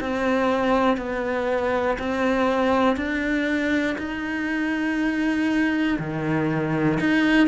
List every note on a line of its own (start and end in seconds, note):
0.00 0.97 C4
0.97 1.97 B3
1.98 2.96 C4
2.96 3.96 D4
3.98 5.98 D#4
5.99 6.99 D#3
7.00 7.47 D#4